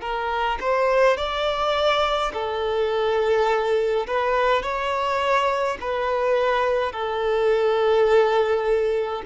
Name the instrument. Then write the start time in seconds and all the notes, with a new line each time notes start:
violin
0.00 A#4
0.60 C5
1.17 D5
2.33 A4
4.06 B4
4.62 C#5
5.81 B4
6.92 A4